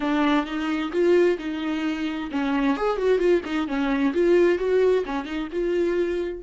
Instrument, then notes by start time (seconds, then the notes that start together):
viola
0.00 D4
0.45 D#4
0.92 F4
1.38 D#4
2.31 C#4
2.76 G#4
2.97 F#4
3.18 F4
3.45 D#4
3.67 C#4
4.13 F4
4.58 F#4
5.05 C#4
5.25 D#4
5.52 F4